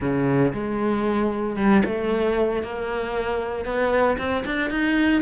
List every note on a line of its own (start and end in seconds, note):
0.00 0.52 C#3
0.53 1.56 G#3
1.56 1.82 G3
1.85 2.62 A3
2.62 3.65 A#3
3.65 4.17 B3
4.18 4.44 C4
4.45 4.70 D4
4.70 5.21 D#4